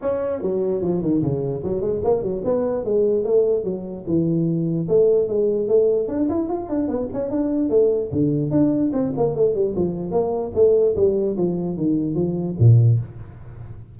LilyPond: \new Staff \with { instrumentName = "tuba" } { \time 4/4 \tempo 4 = 148 cis'4 fis4 f8 dis8 cis4 | fis8 gis8 ais8 fis8 b4 gis4 | a4 fis4 e2 | a4 gis4 a4 d'8 e'8 |
f'8 d'8 b8 cis'8 d'4 a4 | d4 d'4 c'8 ais8 a8 g8 | f4 ais4 a4 g4 | f4 dis4 f4 ais,4 | }